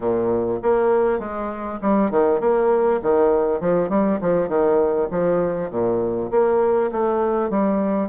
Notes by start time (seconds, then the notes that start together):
0.00 A#2
0.62 A#3
1.19 G#3
1.81 G3
2.11 D#3
2.40 A#3
3.02 D#3
3.60 F3
3.89 G3
4.20 F3
4.48 D#3
5.10 F3
5.70 A#2
6.30 A#3
6.91 A3
7.49 G3